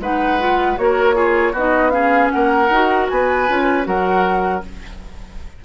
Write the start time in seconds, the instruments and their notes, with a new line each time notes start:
0.00 bassoon G#3, clarinet D#4, oboe B4, flute F#5
0.39 clarinet F4
0.77 bassoon A#3, clarinet F#4, oboe A#4, flute C#5
1.14 clarinet F4, oboe G#4
1.53 bassoon B3, clarinet D#4, oboe F#4, flute D#5
1.90 clarinet C#4, oboe G#4, flute F5
2.31 bassoon A#3, oboe A#4, flute F#5
2.70 bassoon D#4, clarinet F#4
3.09 bassoon B3, oboe B4, flute G#5
3.48 bassoon C#4, clarinet F4
3.84 bassoon F#3, clarinet F#4, oboe A#4, flute F#5